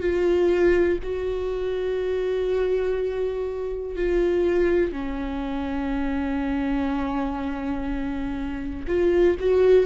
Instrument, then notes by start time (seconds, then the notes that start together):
viola
0.00 F4
1.02 F#4
3.95 F4
4.92 C#4
8.87 F4
9.39 F#4